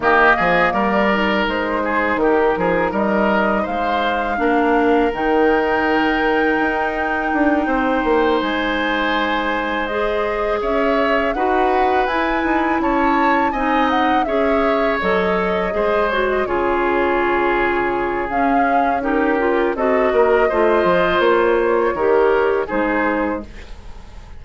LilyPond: <<
  \new Staff \with { instrumentName = "flute" } { \time 4/4 \tempo 4 = 82 dis''4 d''4 c''4 ais'4 | dis''4 f''2 g''4~ | g''2.~ g''8 gis''8~ | gis''4. dis''4 e''4 fis''8~ |
fis''8 gis''4 a''4 gis''8 fis''8 e''8~ | e''8 dis''4. cis''16 dis''16 cis''4.~ | cis''4 f''4 ais'4 dis''4~ | dis''4 cis''2 c''4 | }
  \new Staff \with { instrumentName = "oboe" } { \time 4/4 g'8 gis'8 ais'4. gis'8 g'8 gis'8 | ais'4 c''4 ais'2~ | ais'2~ ais'8 c''4.~ | c''2~ c''8 cis''4 b'8~ |
b'4. cis''4 dis''4 cis''8~ | cis''4. c''4 gis'4.~ | gis'2 g'4 a'8 ais'8 | c''2 ais'4 gis'4 | }
  \new Staff \with { instrumentName = "clarinet" } { \time 4/4 ais4. dis'2~ dis'8~ | dis'2 d'4 dis'4~ | dis'1~ | dis'4. gis'2 fis'8~ |
fis'8 e'2 dis'4 gis'8~ | gis'8 a'4 gis'8 fis'8 f'4.~ | f'4 cis'4 dis'8 f'8 fis'4 | f'2 g'4 dis'4 | }
  \new Staff \with { instrumentName = "bassoon" } { \time 4/4 dis8 f8 g4 gis4 dis8 f8 | g4 gis4 ais4 dis4~ | dis4 dis'4 d'8 c'8 ais8 gis8~ | gis2~ gis8 cis'4 dis'8~ |
dis'8 e'8 dis'8 cis'4 c'4 cis'8~ | cis'8 fis4 gis4 cis4.~ | cis4 cis'2 c'8 ais8 | a8 f8 ais4 dis4 gis4 | }
>>